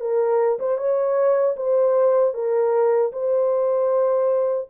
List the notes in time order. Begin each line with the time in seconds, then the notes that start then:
0.00 A#4
0.59 C5
0.78 C#5
1.57 C5
2.34 A#4
3.12 C5